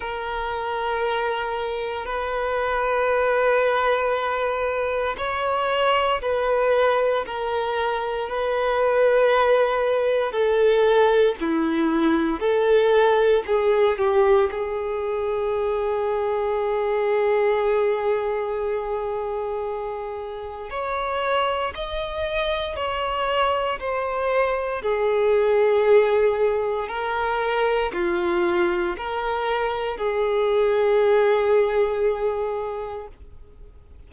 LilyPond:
\new Staff \with { instrumentName = "violin" } { \time 4/4 \tempo 4 = 58 ais'2 b'2~ | b'4 cis''4 b'4 ais'4 | b'2 a'4 e'4 | a'4 gis'8 g'8 gis'2~ |
gis'1 | cis''4 dis''4 cis''4 c''4 | gis'2 ais'4 f'4 | ais'4 gis'2. | }